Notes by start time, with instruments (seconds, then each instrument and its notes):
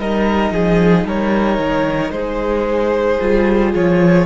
0.00 cello G3, viola D#4, violin A#4 D#5
0.51 cello F3, violin G#4
1.05 cello G3, violin A#4 C#5
1.59 cello D#3
2.11 cello G#3, violin G#4 C5
3.20 cello G3, viola F4
3.75 cello F3, violin C#5